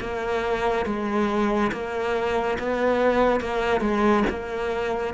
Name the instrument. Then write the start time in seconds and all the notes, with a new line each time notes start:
cello
0.00 A#3
0.86 G#3
1.72 A#3
2.59 B3
3.41 A#3
3.81 G#3
4.30 A#3